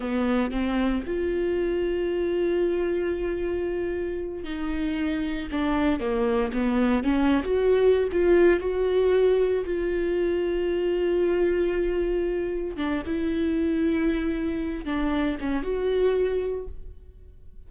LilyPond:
\new Staff \with { instrumentName = "viola" } { \time 4/4 \tempo 4 = 115 b4 c'4 f'2~ | f'1~ | f'8 dis'2 d'4 ais8~ | ais8 b4 cis'8. fis'4~ fis'16 f'8~ |
f'8 fis'2 f'4.~ | f'1~ | f'8 d'8 e'2.~ | e'8 d'4 cis'8 fis'2 | }